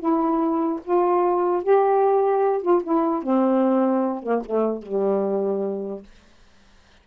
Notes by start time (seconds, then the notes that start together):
0.00 E4
0.85 F4
1.64 G4
2.62 F4
2.84 E4
3.23 C4
4.23 A#3
4.46 A3
4.83 G3